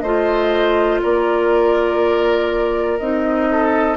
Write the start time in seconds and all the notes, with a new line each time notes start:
0.00 A3 F4 C5 D#5
1.02 A#3 A#4 D5
2.98 C4 D#4 D#5
3.51 A4